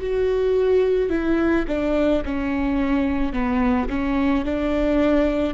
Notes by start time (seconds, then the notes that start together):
0.00 F#4
1.10 E4
1.68 D4
2.25 C#4
3.33 B3
3.89 C#4
4.45 D4